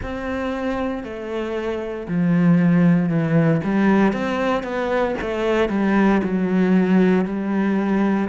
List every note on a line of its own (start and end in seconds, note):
0.02 1.03 C4
1.03 2.07 A3
2.08 3.08 F3
3.08 3.60 E3
3.64 4.12 G3
4.12 4.63 C4
4.63 5.14 B3
5.21 5.69 A3
5.69 6.21 G3
6.24 7.25 F#3
7.25 8.28 G3